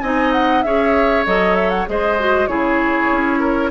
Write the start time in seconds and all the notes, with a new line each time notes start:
0.00 C4 D#4 D#5 G#5
0.31 F#5
0.62 C#4 G#4 C#5 E5
1.25 F#3 A4 D#5
1.55 E5
1.70 F#5
1.86 G#3 G#4 C5 D#5
2.19 F#4
2.46 C#3 E4 G#4 C#5
3.11 C#4
3.39 A#4